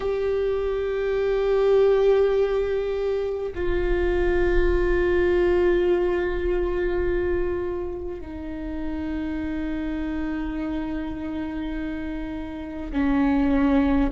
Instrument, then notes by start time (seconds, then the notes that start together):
viola
0.00 G4
3.55 F4
8.21 D#4
12.92 C#4